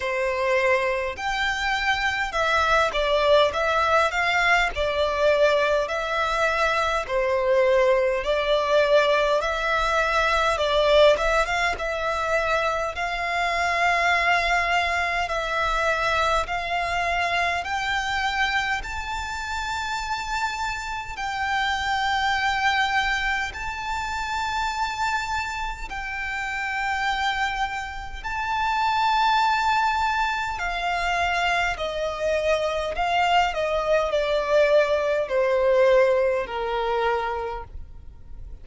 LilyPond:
\new Staff \with { instrumentName = "violin" } { \time 4/4 \tempo 4 = 51 c''4 g''4 e''8 d''8 e''8 f''8 | d''4 e''4 c''4 d''4 | e''4 d''8 e''16 f''16 e''4 f''4~ | f''4 e''4 f''4 g''4 |
a''2 g''2 | a''2 g''2 | a''2 f''4 dis''4 | f''8 dis''8 d''4 c''4 ais'4 | }